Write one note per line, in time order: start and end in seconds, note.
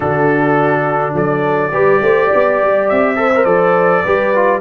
0.00 1.13 D3
0.00 1.72 D4
0.00 1.13 F#4
0.00 1.14 A4
1.13 1.70 F#3
1.13 1.71 A4
1.13 2.88 D5
1.71 2.00 G3
1.71 3.16 G4
1.71 2.01 B4
2.01 2.30 A3
2.01 2.27 C5
2.27 3.13 D5
2.33 2.62 B3
2.62 2.90 G3
2.88 3.45 C4
2.88 3.44 E5
3.16 3.31 A4
3.16 4.03 C5
3.35 3.46 A#4
3.44 4.03 F3
3.44 4.03 A4
3.44 4.60 D5
4.03 4.61 G3
4.03 4.35 G4
4.03 4.60 B4
4.35 4.61 F4